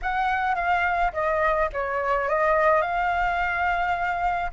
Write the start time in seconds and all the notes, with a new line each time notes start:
0.02 F#5
0.55 F5
1.12 D#5
1.73 C#5
2.28 D#5
2.81 F5